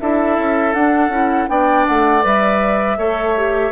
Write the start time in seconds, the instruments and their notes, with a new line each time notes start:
0.00 bassoon D4, clarinet E4, oboe A4, flute E5
0.38 bassoon C#4
0.73 bassoon D4, clarinet D4, flute F#5
1.09 bassoon C#4, clarinet E4
1.48 bassoon B3, clarinet D4, oboe D5, flute G5
1.87 bassoon A3, flute F#5
2.22 bassoon G3, clarinet B4, flute E5
2.98 bassoon A3, clarinet A4, oboe C#5
3.36 clarinet G4